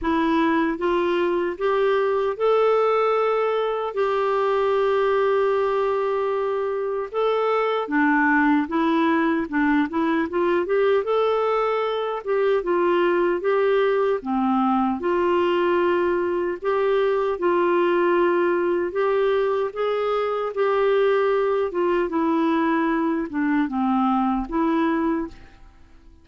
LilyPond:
\new Staff \with { instrumentName = "clarinet" } { \time 4/4 \tempo 4 = 76 e'4 f'4 g'4 a'4~ | a'4 g'2.~ | g'4 a'4 d'4 e'4 | d'8 e'8 f'8 g'8 a'4. g'8 |
f'4 g'4 c'4 f'4~ | f'4 g'4 f'2 | g'4 gis'4 g'4. f'8 | e'4. d'8 c'4 e'4 | }